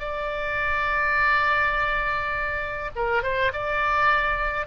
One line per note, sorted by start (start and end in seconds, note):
0.00 2.91 D5
2.96 3.23 A#4
3.23 3.52 C5
3.53 4.67 D5